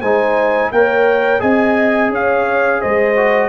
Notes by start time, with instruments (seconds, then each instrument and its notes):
0.00 tuba G#3, trombone D#4, horn C5, trumpet G#5
0.71 tuba A#3, trombone A#4, horn C#5, trumpet G5
1.39 tuba C4, trombone G#4, horn D#5, trumpet G#5
2.09 tuba C#4, horn C#5, trumpet F5
2.80 tuba G#3, horn C5, trumpet D#5
3.16 trombone F#4